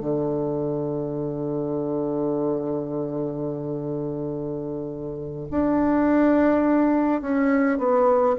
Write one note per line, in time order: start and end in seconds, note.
0.00 5.48 D3
5.51 7.22 D4
7.22 7.78 C#4
7.78 8.36 B3